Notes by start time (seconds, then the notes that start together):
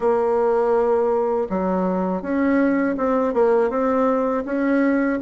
0.00 A#3
1.49 F#3
2.22 C#4
2.97 C4
3.33 A#3
3.69 C4
4.45 C#4